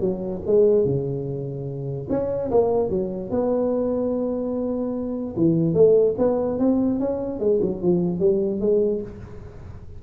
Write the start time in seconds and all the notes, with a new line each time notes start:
0.00 F#3
0.46 G#3
0.85 C#3
2.09 C#4
2.50 A#3
2.89 F#3
3.30 B3
5.36 E3
5.74 A3
6.18 B3
6.58 C4
6.99 C#4
7.39 G#3
7.61 F#3
7.82 F3
8.19 G3
8.60 G#3